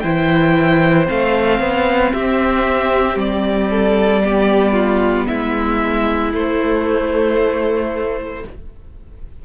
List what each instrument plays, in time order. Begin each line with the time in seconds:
0.00 cello E3, viola E4, violin C5 G5
1.05 cello A3, viola C4, violin F5
1.60 cello B3
2.13 cello C4, violin G4 E5
3.15 cello G3, violin D5
3.70 violin A4
4.22 viola B3, violin G4
4.73 violin F4
5.26 cello G#3, violin E4 E5
6.32 viola A3, cello A3, violin C5